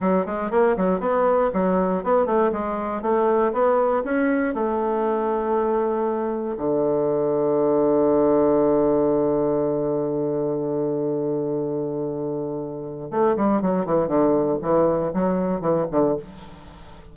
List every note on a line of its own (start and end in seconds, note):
0.00 0.26 F#3
0.26 0.50 G#3
0.50 0.75 A#3
0.76 1.00 F#3
1.00 1.50 B3
1.53 2.03 F#3
2.03 2.26 B3
2.26 2.51 A3
2.52 3.02 G#3
3.02 3.52 A3
3.52 4.03 B3
4.04 4.54 C#4
4.54 6.55 A3
6.57 13.10 D3
13.10 13.35 A3
13.36 13.61 G3
13.61 13.85 F#3
13.85 14.07 E3
14.07 14.58 D3
14.62 15.12 E3
15.13 15.61 F#3
15.61 15.86 E3
15.91 16.16 D3